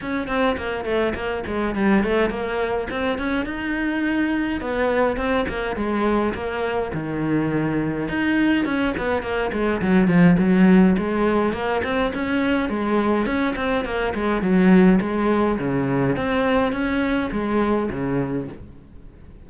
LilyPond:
\new Staff \with { instrumentName = "cello" } { \time 4/4 \tempo 4 = 104 cis'8 c'8 ais8 a8 ais8 gis8 g8 a8 | ais4 c'8 cis'8 dis'2 | b4 c'8 ais8 gis4 ais4 | dis2 dis'4 cis'8 b8 |
ais8 gis8 fis8 f8 fis4 gis4 | ais8 c'8 cis'4 gis4 cis'8 c'8 | ais8 gis8 fis4 gis4 cis4 | c'4 cis'4 gis4 cis4 | }